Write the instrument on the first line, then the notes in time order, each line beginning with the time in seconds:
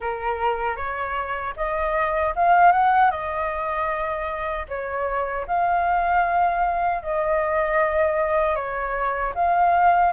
flute
0.00 A#4
0.76 C#5
1.56 D#5
2.36 F5
2.71 F#5
3.10 D#5
4.68 C#5
5.47 F5
7.02 D#5
8.55 C#5
9.35 F5